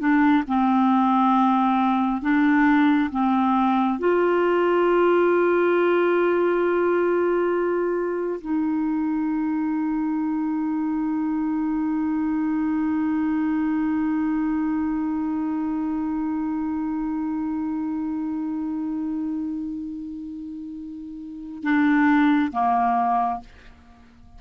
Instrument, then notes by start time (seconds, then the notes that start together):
clarinet
0.00 D4
0.48 C4
2.22 D4
3.11 C4
3.99 F4
8.41 D#4
21.64 D4
22.52 A#3